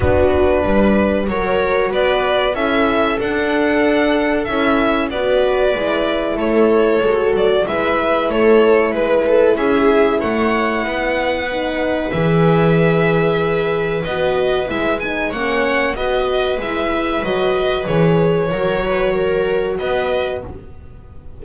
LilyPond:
<<
  \new Staff \with { instrumentName = "violin" } { \time 4/4 \tempo 4 = 94 b'2 cis''4 d''4 | e''4 fis''2 e''4 | d''2 cis''4. d''8 | e''4 cis''4 b'4 e''4 |
fis''2. e''4~ | e''2 dis''4 e''8 gis''8 | fis''4 dis''4 e''4 dis''4 | cis''2. dis''4 | }
  \new Staff \with { instrumentName = "viola" } { \time 4/4 fis'4 b'4 ais'4 b'4 | a'1 | b'2 a'2 | b'4 a'4 b'8 a'8 gis'4 |
cis''4 b'2.~ | b'1 | cis''4 b'2.~ | b'4 ais'8 b'8 ais'4 b'4 | }
  \new Staff \with { instrumentName = "horn" } { \time 4/4 d'2 fis'2 | e'4 d'2 e'4 | fis'4 e'2 fis'4 | e'1~ |
e'2 dis'4 gis'4~ | gis'2 fis'4 e'8 dis'8 | cis'4 fis'4 e'4 fis'4 | gis'4 fis'2. | }
  \new Staff \with { instrumentName = "double bass" } { \time 4/4 b4 g4 fis4 b4 | cis'4 d'2 cis'4 | b4 gis4 a4 gis8 fis8 | gis4 a4 gis4 cis'4 |
a4 b2 e4~ | e2 b4 gis4 | ais4 b4 gis4 fis4 | e4 fis2 b4 | }
>>